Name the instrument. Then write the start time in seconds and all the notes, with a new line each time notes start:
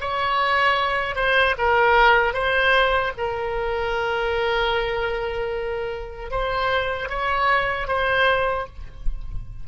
oboe
0.00 C#5
1.15 C5
1.58 A#4
2.33 C5
3.17 A#4
6.31 C5
7.09 C#5
7.87 C5